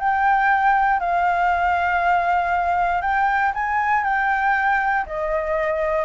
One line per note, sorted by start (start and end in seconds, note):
0.00 1.00 G5
1.00 3.02 F5
3.02 3.53 G5
3.55 4.04 G#5
4.04 5.06 G5
5.07 6.06 D#5